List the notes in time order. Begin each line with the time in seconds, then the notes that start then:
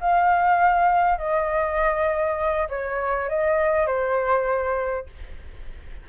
0.00 F5
1.18 D#5
2.69 C#5
3.29 D#5
3.87 C5